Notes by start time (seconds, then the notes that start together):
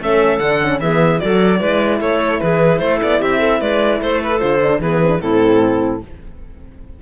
0.00 A3 C#4 A4 E5
0.39 D3 D4 F#5
0.62 C#4
0.80 E3 B3 G#4 E5
1.20 F#3 F#4 A4 D5
1.59 G#3 E4 B4
1.99 A3 A4 C#5
2.41 E3 G#4 B4
2.79 A3 A4 C5
3.03 B3 D5
3.20 C4 G4 E5
3.39 A4
3.61 G#3 B4 D5
4.00 A3 A4 C5
4.23 B4
4.40 D3 F4 C5
4.63 D4
4.80 E3 B3 G#4 B4
5.02 C4
5.08 D4
5.21 A2 C4 E4 A4